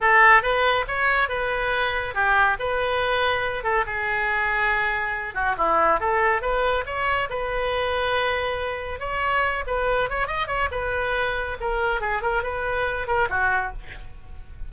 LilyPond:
\new Staff \with { instrumentName = "oboe" } { \time 4/4 \tempo 4 = 140 a'4 b'4 cis''4 b'4~ | b'4 g'4 b'2~ | b'8 a'8 gis'2.~ | gis'8 fis'8 e'4 a'4 b'4 |
cis''4 b'2.~ | b'4 cis''4. b'4 cis''8 | dis''8 cis''8 b'2 ais'4 | gis'8 ais'8 b'4. ais'8 fis'4 | }